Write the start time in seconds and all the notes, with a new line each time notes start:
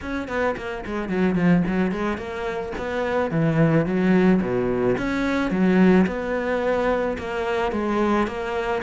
0.02 C#4
0.28 B3
0.56 A#3
0.85 G#3
1.09 F#3
1.35 F3
1.66 F#3
1.91 G#3
2.17 A#3
2.77 B3
3.30 E3
3.86 F#3
4.41 B2
4.97 C#4
5.50 F#3
6.07 B3
7.17 A#3
7.72 G#3
8.27 A#3